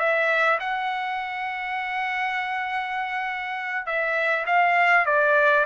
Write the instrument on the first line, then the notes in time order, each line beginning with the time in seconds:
trumpet
0.00 E5
0.60 F#5
3.87 E5
4.47 F5
5.06 D5